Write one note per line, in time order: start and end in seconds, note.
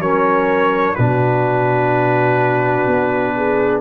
0.00 0.95 F#3
0.00 0.98 C#4
0.00 0.97 A#4
0.00 0.95 C#5
0.95 2.87 B2
0.95 3.82 D4
0.95 3.35 F#4
0.95 3.81 B4
2.87 3.82 B3
3.36 3.82 G#4